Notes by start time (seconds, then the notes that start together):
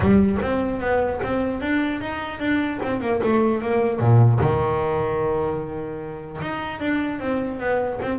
0.00 G3
0.41 C4
0.80 B3
1.23 C4
1.61 D4
2.01 D#4
2.39 D4
2.82 C4
3.01 A#3
3.23 A3
3.61 A#3
3.99 A#2
4.40 D#3
6.41 D#4
6.80 D4
7.19 C4
7.59 B3
8.01 C4